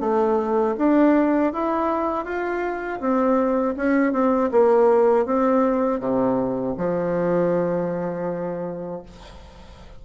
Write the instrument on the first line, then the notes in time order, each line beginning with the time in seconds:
bassoon
0.00 A3
0.78 D4
1.52 E4
2.24 F4
3.00 C4
3.76 C#4
4.12 C4
4.51 A#3
5.25 C4
5.99 C3
6.77 F3